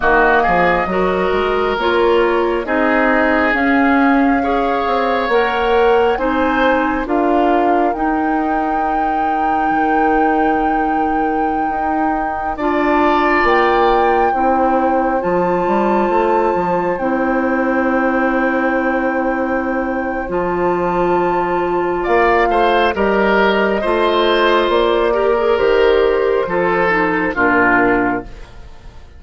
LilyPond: <<
  \new Staff \with { instrumentName = "flute" } { \time 4/4 \tempo 4 = 68 dis''2 cis''4 dis''4 | f''2 fis''4 gis''4 | f''4 g''2.~ | g''2~ g''16 a''4 g''8.~ |
g''4~ g''16 a''2 g''8.~ | g''2. a''4~ | a''4 f''4 dis''2 | d''4 c''2 ais'4 | }
  \new Staff \with { instrumentName = "oboe" } { \time 4/4 fis'8 gis'8 ais'2 gis'4~ | gis'4 cis''2 c''4 | ais'1~ | ais'2~ ais'16 d''4.~ d''16~ |
d''16 c''2.~ c''8.~ | c''1~ | c''4 d''8 c''8 ais'4 c''4~ | c''8 ais'4. a'4 f'4 | }
  \new Staff \with { instrumentName = "clarinet" } { \time 4/4 ais4 fis'4 f'4 dis'4 | cis'4 gis'4 ais'4 dis'4 | f'4 dis'2.~ | dis'2~ dis'16 f'4.~ f'16~ |
f'16 e'4 f'2 e'8.~ | e'2. f'4~ | f'2 g'4 f'4~ | f'8 g'16 gis'16 g'4 f'8 dis'8 d'4 | }
  \new Staff \with { instrumentName = "bassoon" } { \time 4/4 dis8 f8 fis8 gis8 ais4 c'4 | cis'4. c'8 ais4 c'4 | d'4 dis'2 dis4~ | dis4~ dis16 dis'4 d'4 ais8.~ |
ais16 c'4 f8 g8 a8 f8 c'8.~ | c'2. f4~ | f4 ais8 a8 g4 a4 | ais4 dis4 f4 ais,4 | }
>>